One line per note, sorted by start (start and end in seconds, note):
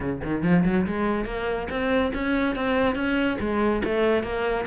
0.00 0.21 C#3
0.23 0.42 D#3
0.42 0.64 F3
0.64 0.86 F#3
0.86 1.25 G#3
1.25 1.68 A#3
1.69 2.12 C4
2.14 2.55 C#4
2.55 2.95 C4
2.95 3.37 C#4
3.39 3.82 G#3
3.84 4.23 A3
4.23 4.65 A#3